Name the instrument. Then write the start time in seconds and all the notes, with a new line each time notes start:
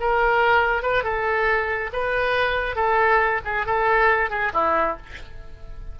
oboe
0.00 A#4
0.83 B4
1.04 A4
1.93 B4
2.75 A4
3.45 G#4
3.66 A4
4.30 G#4
4.54 E4